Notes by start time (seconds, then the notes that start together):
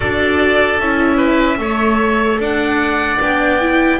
0.00 D4 F#4 A4 D5
0.79 C#4 E4 E5
1.17 B4
1.58 A3 A4 C#5
2.39 D4 D5 F#5
3.20 B3 D4 G5
3.60 E4